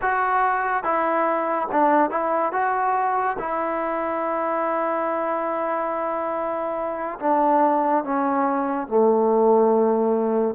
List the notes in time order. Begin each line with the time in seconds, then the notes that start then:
0.01 F#4
0.83 E4
1.71 D4
2.10 E4
2.52 F#4
3.38 E4
7.19 D4
8.04 C#4
8.87 A3